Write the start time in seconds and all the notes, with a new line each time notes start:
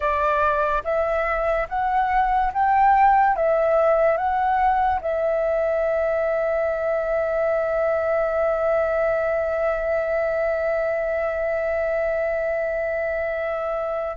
0.00 D5
0.84 E5
1.69 F#5
2.53 G5
3.36 E5
4.17 F#5
5.01 E5